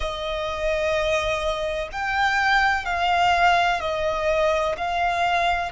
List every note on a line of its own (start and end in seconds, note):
0.00 1.88 D#5
1.91 2.85 G5
2.85 3.80 F5
3.80 4.75 D#5
4.77 5.71 F5